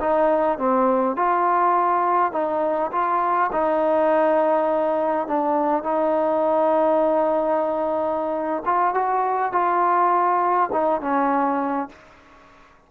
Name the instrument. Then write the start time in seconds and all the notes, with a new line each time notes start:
trombone
0.00 D#4
0.58 C4
1.16 F4
2.32 D#4
2.92 F4
3.52 D#4
5.27 D4
5.84 D#4
8.65 F4
8.94 F#4
9.52 F4
10.72 D#4
11.01 C#4